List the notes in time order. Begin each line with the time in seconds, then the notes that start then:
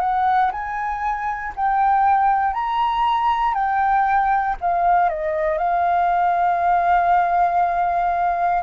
0.00 F#5
0.51 G#5
1.55 G5
2.53 A#5
3.54 G5
4.60 F5
5.09 D#5
5.57 F5